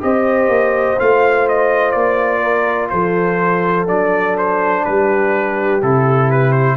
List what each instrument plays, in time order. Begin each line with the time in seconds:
0.00 tuba C4, trombone G4, horn C5, trumpet D#5
0.48 tuba A#3
0.99 tuba A3, trombone F4, trumpet F5
1.48 trumpet D#5
1.91 tuba A#3, trumpet D5
2.42 horn A#4
2.89 tuba F3, horn A4, trumpet C5
3.87 tuba F#3, trombone D4, trumpet D5
4.38 trumpet C5
4.84 tuba G3, horn G4, trumpet B4
5.82 tuba C3, trombone E4, trumpet A4
6.30 trumpet B4
6.52 trumpet C5